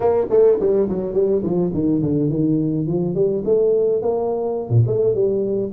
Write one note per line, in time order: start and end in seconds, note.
0.00 0.26 A#3
0.30 0.58 A3
0.59 0.88 G3
0.89 1.13 F#3
1.13 1.42 G3
1.43 1.71 F3
1.73 2.02 D#3
2.02 2.29 D3
2.29 2.86 D#3
2.86 3.14 F3
3.14 3.43 G3
3.44 4.02 A3
4.02 4.69 A#3
4.69 4.83 A#2
4.86 5.14 A3
5.14 5.71 G3